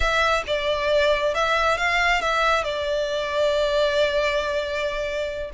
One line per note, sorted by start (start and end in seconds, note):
0.00 0.43 E5
0.46 1.34 D5
1.34 1.77 E5
1.77 2.21 F5
2.21 2.64 E5
2.64 5.50 D5